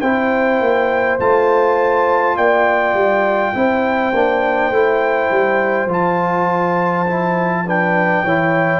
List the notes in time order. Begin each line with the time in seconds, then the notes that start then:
0.00 C4 E4 C5 G5
0.60 A#3
1.19 A3 F4 A5
2.37 A#3 D5 G5
2.94 G3
3.54 C4 E4 C5
4.13 A#3 D4
4.71 A3 E4
5.30 G3
5.87 F3 F4 A5
7.07 E4
7.67 D4 B4 G5
8.24 E3 E4 C#5